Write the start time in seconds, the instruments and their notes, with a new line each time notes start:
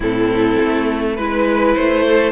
0.00 cello A2, viola C4, violin E4 A4
0.62 cello A3
1.15 cello G#3, viola E4, violin B4
1.74 cello A3, violin C5
2.08 violin A4